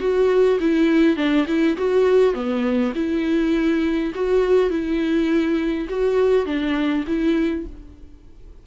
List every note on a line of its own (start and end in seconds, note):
0.00 0.59 F#4
0.60 1.16 E4
1.16 1.46 D4
1.47 1.77 E4
1.77 2.34 F#4
2.34 2.93 B3
2.95 4.13 E4
4.15 4.70 F#4
4.70 5.87 E4
5.89 6.46 F#4
6.46 7.05 D4
7.07 7.66 E4